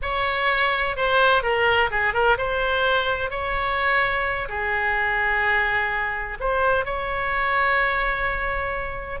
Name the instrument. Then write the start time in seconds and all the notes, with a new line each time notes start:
oboe
0.02 C#5
0.96 C5
1.42 A#4
1.90 G#4
2.13 A#4
2.37 C5
3.30 C#5
4.49 G#4
6.40 C5
6.85 C#5